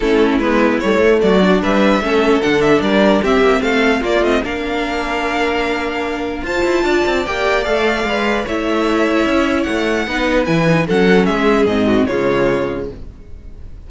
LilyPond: <<
  \new Staff \with { instrumentName = "violin" } { \time 4/4 \tempo 4 = 149 a'4 b'4 cis''4 d''4 | e''2 fis''8 e''8 d''4 | e''4 f''4 d''8 dis''8 f''4~ | f''1 |
a''2 g''4 f''4~ | f''4 e''2. | fis''2 gis''4 fis''4 | e''4 dis''4 cis''2 | }
  \new Staff \with { instrumentName = "violin" } { \time 4/4 e'2. fis'4 | b'4 a'2 ais'4 | g'4 a'4 f'4 ais'4~ | ais'1 |
c''4 d''2.~ | d''4 cis''2.~ | cis''4 b'2 a'4 | gis'4. fis'8 f'2 | }
  \new Staff \with { instrumentName = "viola" } { \time 4/4 cis'4 b4 a4. d'8~ | d'4 cis'4 d'2 | c'2 ais8 c'8 d'4~ | d'1 |
f'2 g'4 a'4 | b'4 e'2.~ | e'4 dis'4 e'8 dis'8 cis'4~ | cis'4 c'4 gis2 | }
  \new Staff \with { instrumentName = "cello" } { \time 4/4 a4 gis4 g8 a8 fis4 | g4 a4 d4 g4 | c'8 ais8 a4 ais8 a8 ais4~ | ais1 |
f'8 e'8 d'8 c'8 ais4 a4 | gis4 a2 cis'4 | a4 b4 e4 fis4 | gis4 gis,4 cis2 | }
>>